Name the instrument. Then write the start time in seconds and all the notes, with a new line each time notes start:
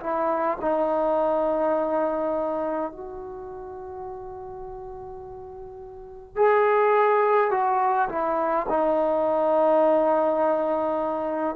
trombone
0.00 E4
0.61 D#4
2.92 F#4
6.36 G#4
7.51 F#4
8.09 E4
8.69 D#4